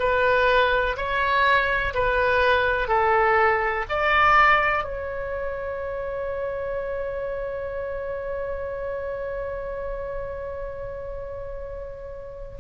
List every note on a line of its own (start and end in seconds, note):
0.00 0.97 B4
0.97 1.94 C#5
1.94 2.88 B4
2.88 3.85 A4
3.90 4.84 D5
4.84 12.59 C#5